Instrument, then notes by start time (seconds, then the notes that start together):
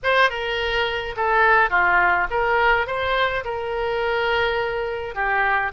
oboe
0.03 C5
0.30 A#4
1.16 A4
1.70 F4
2.30 A#4
2.86 C5
3.44 A#4
5.14 G4